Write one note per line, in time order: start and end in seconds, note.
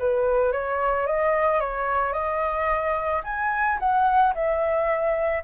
0.00 0.53 B4
0.53 1.07 C#5
1.07 1.61 D#5
1.61 2.14 C#5
2.14 3.23 D#5
3.25 3.79 G#5
3.80 4.34 F#5
4.35 5.44 E5